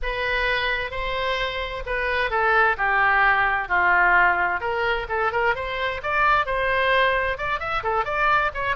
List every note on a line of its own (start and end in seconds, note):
0.02 0.91 B4
0.91 1.83 C5
1.86 2.30 B4
2.30 2.76 A4
2.77 3.68 G4
3.68 4.60 F4
4.60 5.06 A#4
5.09 5.32 A4
5.32 5.55 A#4
5.55 6.01 C5
6.03 6.46 D5
6.46 7.37 C5
7.37 7.59 D5
7.59 7.82 E5
7.83 8.05 A4
8.05 8.51 D5
8.53 8.76 C#5